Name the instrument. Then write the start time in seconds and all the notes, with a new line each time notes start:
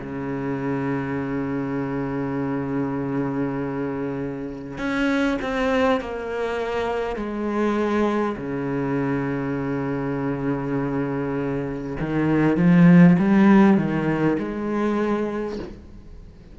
cello
0.00 C#3
4.78 C#4
5.42 C4
6.01 A#3
7.17 G#3
8.37 C#3
12.01 D#3
12.57 F3
13.19 G3
13.78 D#3
14.39 G#3